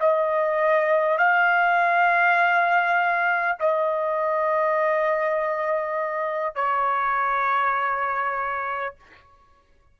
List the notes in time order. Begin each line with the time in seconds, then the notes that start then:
0.00 D#5
1.18 F5
3.59 D#5
6.55 C#5